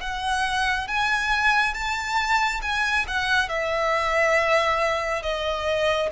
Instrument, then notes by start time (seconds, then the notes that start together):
violin
0.00 F#5
0.87 G#5
1.74 A5
2.62 G#5
3.07 F#5
3.48 E5
5.22 D#5